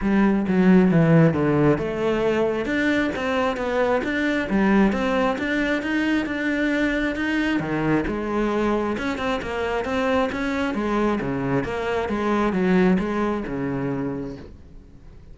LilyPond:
\new Staff \with { instrumentName = "cello" } { \time 4/4 \tempo 4 = 134 g4 fis4 e4 d4 | a2 d'4 c'4 | b4 d'4 g4 c'4 | d'4 dis'4 d'2 |
dis'4 dis4 gis2 | cis'8 c'8 ais4 c'4 cis'4 | gis4 cis4 ais4 gis4 | fis4 gis4 cis2 | }